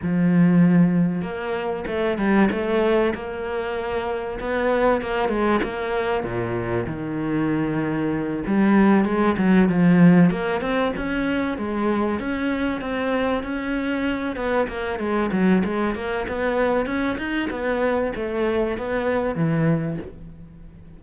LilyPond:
\new Staff \with { instrumentName = "cello" } { \time 4/4 \tempo 4 = 96 f2 ais4 a8 g8 | a4 ais2 b4 | ais8 gis8 ais4 ais,4 dis4~ | dis4. g4 gis8 fis8 f8~ |
f8 ais8 c'8 cis'4 gis4 cis'8~ | cis'8 c'4 cis'4. b8 ais8 | gis8 fis8 gis8 ais8 b4 cis'8 dis'8 | b4 a4 b4 e4 | }